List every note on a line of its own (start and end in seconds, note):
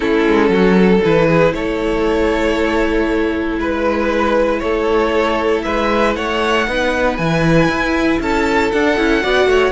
0.00 0.27 A3
0.00 1.00 C#4
0.00 0.49 E4
0.00 1.01 A4
0.27 0.49 G#3
0.49 1.00 F#3
0.49 0.76 F#4
0.76 1.27 A4
1.04 1.53 E3
1.04 6.66 E4
1.04 1.53 B4
1.27 1.53 G#4
1.53 3.58 A3
1.53 3.59 A4
1.53 3.58 C#5
3.58 4.61 G#3
3.58 4.62 B4
3.58 4.59 B4
4.59 5.64 A3
4.59 5.65 A4
4.59 5.61 C#5
5.62 6.16 G#3
5.62 6.16 B4
5.62 6.13 E5
6.15 6.67 A3
6.15 6.67 C#5
6.15 7.16 F#5
6.66 7.18 B3
6.66 7.18 D#4
6.66 8.21 B4
7.16 7.68 E3
7.16 8.73 E4
7.16 8.19 G#5
7.68 8.19 E4
8.19 8.71 C#4
8.19 9.22 A4
8.19 8.71 A5
8.71 8.98 D4
8.71 8.96 D4
8.71 9.72 F#5
8.96 9.23 C#4
8.96 9.22 E4
9.22 9.46 B3
9.22 9.72 F#4
9.22 9.48 D5
9.46 9.72 A3
9.46 9.72 C#5